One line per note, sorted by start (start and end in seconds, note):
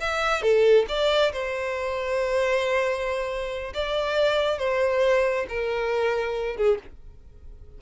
0.00 0.42 E5
0.42 0.86 A4
0.88 1.32 D5
1.32 3.73 C5
3.74 4.59 D5
4.59 5.46 C5
5.49 6.57 A#4
6.57 6.79 G#4